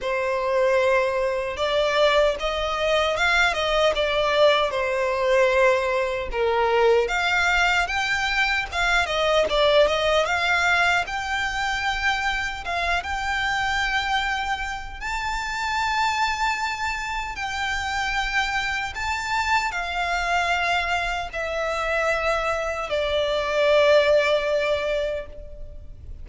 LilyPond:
\new Staff \with { instrumentName = "violin" } { \time 4/4 \tempo 4 = 76 c''2 d''4 dis''4 | f''8 dis''8 d''4 c''2 | ais'4 f''4 g''4 f''8 dis''8 | d''8 dis''8 f''4 g''2 |
f''8 g''2~ g''8 a''4~ | a''2 g''2 | a''4 f''2 e''4~ | e''4 d''2. | }